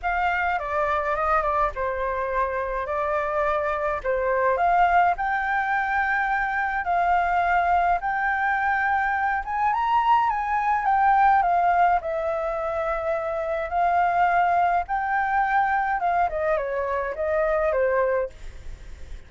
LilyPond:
\new Staff \with { instrumentName = "flute" } { \time 4/4 \tempo 4 = 105 f''4 d''4 dis''8 d''8 c''4~ | c''4 d''2 c''4 | f''4 g''2. | f''2 g''2~ |
g''8 gis''8 ais''4 gis''4 g''4 | f''4 e''2. | f''2 g''2 | f''8 dis''8 cis''4 dis''4 c''4 | }